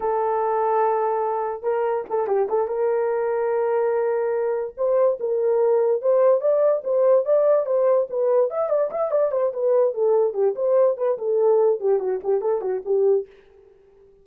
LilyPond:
\new Staff \with { instrumentName = "horn" } { \time 4/4 \tempo 4 = 145 a'1 | ais'4 a'8 g'8 a'8 ais'4.~ | ais'2.~ ais'8 c''8~ | c''8 ais'2 c''4 d''8~ |
d''8 c''4 d''4 c''4 b'8~ | b'8 e''8 d''8 e''8 d''8 c''8 b'4 | a'4 g'8 c''4 b'8 a'4~ | a'8 g'8 fis'8 g'8 a'8 fis'8 g'4 | }